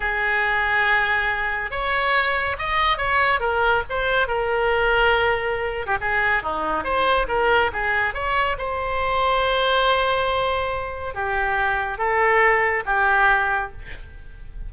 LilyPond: \new Staff \with { instrumentName = "oboe" } { \time 4/4 \tempo 4 = 140 gis'1 | cis''2 dis''4 cis''4 | ais'4 c''4 ais'2~ | ais'4.~ ais'16 g'16 gis'4 dis'4 |
c''4 ais'4 gis'4 cis''4 | c''1~ | c''2 g'2 | a'2 g'2 | }